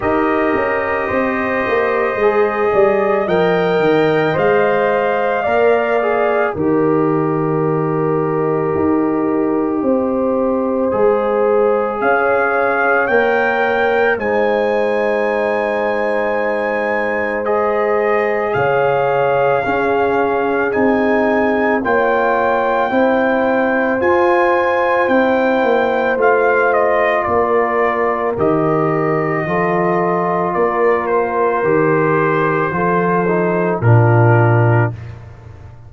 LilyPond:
<<
  \new Staff \with { instrumentName = "trumpet" } { \time 4/4 \tempo 4 = 55 dis''2. g''4 | f''2 dis''2~ | dis''2. f''4 | g''4 gis''2. |
dis''4 f''2 gis''4 | g''2 gis''4 g''4 | f''8 dis''8 d''4 dis''2 | d''8 c''2~ c''8 ais'4 | }
  \new Staff \with { instrumentName = "horn" } { \time 4/4 ais'4 c''4. d''8 dis''4~ | dis''4 d''4 ais'2~ | ais'4 c''2 cis''4~ | cis''4 c''2.~ |
c''4 cis''4 gis'2 | cis''4 c''2.~ | c''4 ais'2 a'4 | ais'2 a'4 f'4 | }
  \new Staff \with { instrumentName = "trombone" } { \time 4/4 g'2 gis'4 ais'4 | c''4 ais'8 gis'8 g'2~ | g'2 gis'2 | ais'4 dis'2. |
gis'2 cis'4 dis'4 | f'4 e'4 f'4 e'4 | f'2 g'4 f'4~ | f'4 g'4 f'8 dis'8 d'4 | }
  \new Staff \with { instrumentName = "tuba" } { \time 4/4 dis'8 cis'8 c'8 ais8 gis8 g8 f8 dis8 | gis4 ais4 dis2 | dis'4 c'4 gis4 cis'4 | ais4 gis2.~ |
gis4 cis4 cis'4 c'4 | ais4 c'4 f'4 c'8 ais8 | a4 ais4 dis4 f4 | ais4 dis4 f4 ais,4 | }
>>